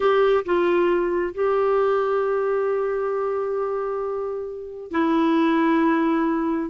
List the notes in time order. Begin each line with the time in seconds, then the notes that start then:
0.00 G4
0.45 F4
1.34 G4
4.91 E4